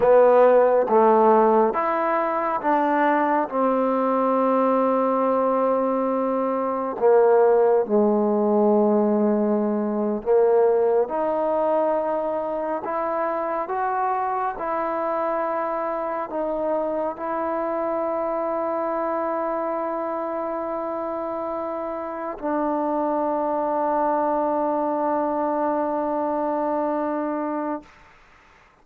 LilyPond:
\new Staff \with { instrumentName = "trombone" } { \time 4/4 \tempo 4 = 69 b4 a4 e'4 d'4 | c'1 | ais4 gis2~ gis8. ais16~ | ais8. dis'2 e'4 fis'16~ |
fis'8. e'2 dis'4 e'16~ | e'1~ | e'4.~ e'16 d'2~ d'16~ | d'1 | }